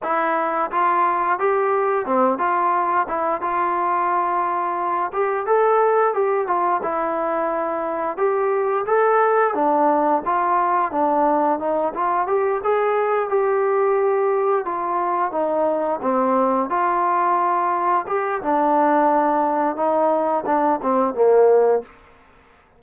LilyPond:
\new Staff \with { instrumentName = "trombone" } { \time 4/4 \tempo 4 = 88 e'4 f'4 g'4 c'8 f'8~ | f'8 e'8 f'2~ f'8 g'8 | a'4 g'8 f'8 e'2 | g'4 a'4 d'4 f'4 |
d'4 dis'8 f'8 g'8 gis'4 g'8~ | g'4. f'4 dis'4 c'8~ | c'8 f'2 g'8 d'4~ | d'4 dis'4 d'8 c'8 ais4 | }